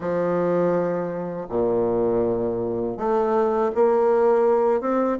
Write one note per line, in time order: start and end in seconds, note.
0.00 1.46 F3
1.49 2.97 A#2
2.97 3.71 A3
3.74 4.80 A#3
4.80 5.17 C4